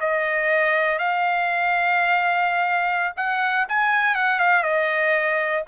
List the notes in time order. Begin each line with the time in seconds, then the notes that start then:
0.00 D#5
0.99 F5
3.16 F#5
3.68 G#5
4.15 F#5
4.39 F5
4.63 D#5